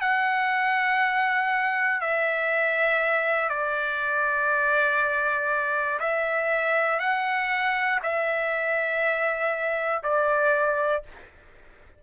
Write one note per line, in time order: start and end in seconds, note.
0.00 2.00 F#5
2.00 3.49 E5
3.49 5.99 D5
6.00 7.00 E5
7.00 8.00 F#5
8.03 10.03 E5
10.03 11.03 D5